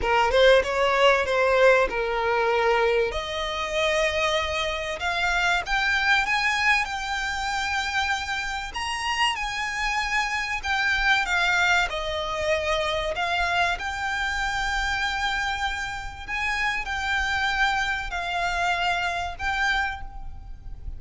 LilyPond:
\new Staff \with { instrumentName = "violin" } { \time 4/4 \tempo 4 = 96 ais'8 c''8 cis''4 c''4 ais'4~ | ais'4 dis''2. | f''4 g''4 gis''4 g''4~ | g''2 ais''4 gis''4~ |
gis''4 g''4 f''4 dis''4~ | dis''4 f''4 g''2~ | g''2 gis''4 g''4~ | g''4 f''2 g''4 | }